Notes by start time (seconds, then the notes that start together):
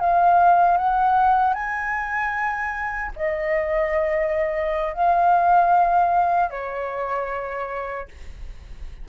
0.00 F5
0.78 F#5
1.54 G#5
3.17 D#5
4.94 F5
6.51 C#5